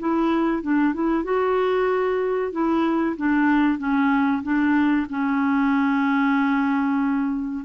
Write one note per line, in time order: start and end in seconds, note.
0.00 0.63 E4
0.63 0.95 D4
0.95 1.25 E4
1.25 2.52 F#4
2.53 3.17 E4
3.17 3.79 D4
3.79 4.43 C#4
4.43 5.07 D4
5.10 7.65 C#4